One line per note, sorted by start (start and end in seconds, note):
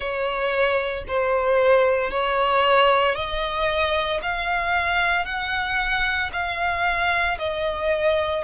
0.00 1.04 C#5
1.07 2.11 C5
2.11 3.15 C#5
3.15 4.20 D#5
4.22 5.25 F5
5.25 6.30 F#5
6.33 7.38 F5
7.38 8.44 D#5